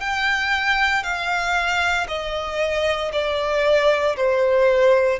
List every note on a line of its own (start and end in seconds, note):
0.00 1.03 G5
1.03 2.07 F5
2.08 3.12 D#5
3.13 4.16 D5
4.17 5.20 C5